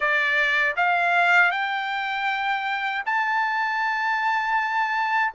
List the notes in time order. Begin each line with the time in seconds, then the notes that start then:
0.00 D5
0.76 F5
1.51 G5
3.05 A5